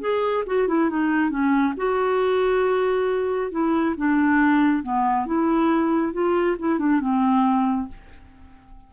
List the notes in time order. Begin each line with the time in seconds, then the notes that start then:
0.00 G#4
0.46 F#4
0.67 E4
0.89 D#4
1.30 C#4
1.76 F#4
3.51 E4
3.96 D4
4.82 B3
5.26 E4
6.12 F4
6.59 E4
6.79 D4
7.00 C4